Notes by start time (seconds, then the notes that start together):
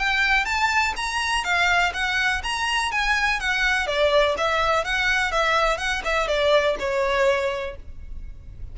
0.00 G5
0.46 A5
0.97 A#5
1.45 F5
1.94 F#5
2.44 A#5
2.92 G#5
3.40 F#5
3.87 D5
4.38 E5
4.85 F#5
5.32 E5
5.78 F#5
6.05 E5
6.28 D5
6.80 C#5